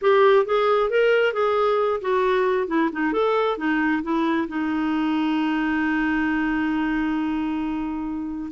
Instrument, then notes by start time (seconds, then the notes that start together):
clarinet
0.01 G4
0.45 G#4
0.90 A#4
1.33 G#4
2.01 F#4
2.67 E4
2.92 D#4
3.12 A4
3.57 D#4
4.02 E4
4.48 D#4